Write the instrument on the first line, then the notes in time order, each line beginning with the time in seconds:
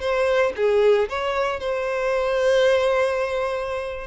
violin
0.00 C5
0.56 G#4
1.09 C#5
1.59 C5